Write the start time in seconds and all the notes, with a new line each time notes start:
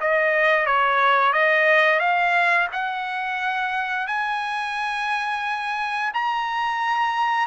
0.00 D#5
0.66 C#5
1.32 D#5
1.99 F5
2.72 F#5
4.07 G#5
6.13 A#5